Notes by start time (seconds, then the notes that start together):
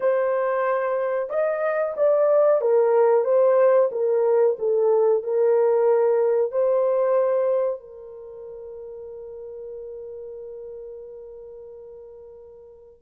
0.00 C5
1.29 D#5
1.97 D5
2.61 A#4
3.24 C5
3.91 A#4
4.58 A4
5.23 A#4
6.51 C5
7.80 A#4